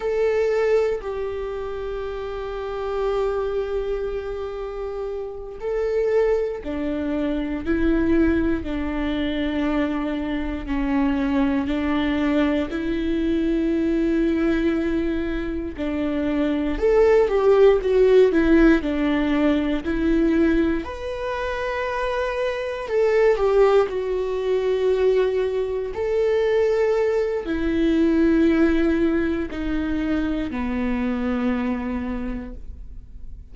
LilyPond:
\new Staff \with { instrumentName = "viola" } { \time 4/4 \tempo 4 = 59 a'4 g'2.~ | g'4. a'4 d'4 e'8~ | e'8 d'2 cis'4 d'8~ | d'8 e'2. d'8~ |
d'8 a'8 g'8 fis'8 e'8 d'4 e'8~ | e'8 b'2 a'8 g'8 fis'8~ | fis'4. a'4. e'4~ | e'4 dis'4 b2 | }